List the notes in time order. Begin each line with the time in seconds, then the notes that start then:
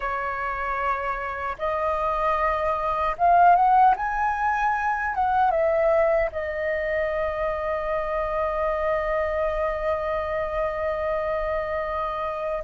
0.00 C#5
1.58 D#5
3.18 F5
3.55 F#5
3.96 G#5
5.15 F#5
5.50 E5
6.32 D#5